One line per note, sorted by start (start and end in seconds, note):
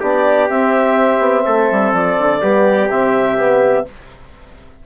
0.00 0.49 B3
0.00 0.50 D4
0.00 1.44 G4
0.00 0.49 D5
0.49 1.19 C4
0.49 2.41 C4
0.49 1.93 E5
1.19 1.43 B3
1.45 1.71 A3
1.45 2.41 A4
1.71 1.93 G3
1.93 2.17 F3
1.93 2.90 D5
2.19 2.42 D3
2.41 2.89 G3
2.41 2.89 B3
2.41 3.86 G4
2.89 3.85 C3
2.89 3.38 C4
2.89 3.86 E5
3.38 3.86 B3